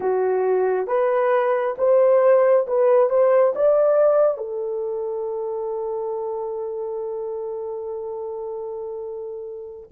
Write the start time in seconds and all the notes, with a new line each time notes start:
0.00 F#4
0.87 B4
1.78 C5
2.67 B4
3.09 C5
3.55 D5
4.37 A4